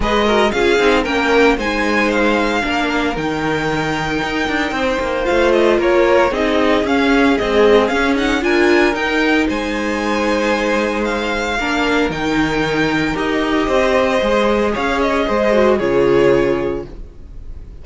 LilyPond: <<
  \new Staff \with { instrumentName = "violin" } { \time 4/4 \tempo 4 = 114 dis''4 f''4 g''4 gis''4 | f''2 g''2~ | g''2 f''8 dis''8 cis''4 | dis''4 f''4 dis''4 f''8 fis''8 |
gis''4 g''4 gis''2~ | gis''4 f''2 g''4~ | g''4 dis''2. | f''8 dis''4. cis''2 | }
  \new Staff \with { instrumentName = "violin" } { \time 4/4 b'8 ais'8 gis'4 ais'4 c''4~ | c''4 ais'2.~ | ais'4 c''2 ais'4 | gis'1 |
ais'2 c''2~ | c''2 ais'2~ | ais'2 c''2 | cis''4 c''4 gis'2 | }
  \new Staff \with { instrumentName = "viola" } { \time 4/4 gis'8 fis'8 f'8 dis'8 cis'4 dis'4~ | dis'4 d'4 dis'2~ | dis'2 f'2 | dis'4 cis'4 gis4 cis'8 dis'8 |
f'4 dis'2.~ | dis'2 d'4 dis'4~ | dis'4 g'2 gis'4~ | gis'4. fis'8 f'2 | }
  \new Staff \with { instrumentName = "cello" } { \time 4/4 gis4 cis'8 c'8 ais4 gis4~ | gis4 ais4 dis2 | dis'8 d'8 c'8 ais8 a4 ais4 | c'4 cis'4 c'4 cis'4 |
d'4 dis'4 gis2~ | gis2 ais4 dis4~ | dis4 dis'4 c'4 gis4 | cis'4 gis4 cis2 | }
>>